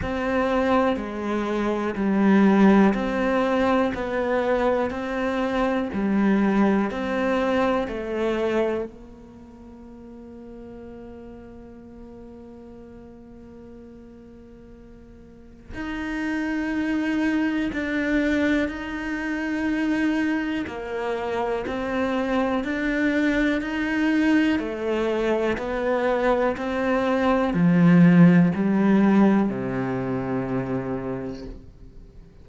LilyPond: \new Staff \with { instrumentName = "cello" } { \time 4/4 \tempo 4 = 61 c'4 gis4 g4 c'4 | b4 c'4 g4 c'4 | a4 ais2.~ | ais1 |
dis'2 d'4 dis'4~ | dis'4 ais4 c'4 d'4 | dis'4 a4 b4 c'4 | f4 g4 c2 | }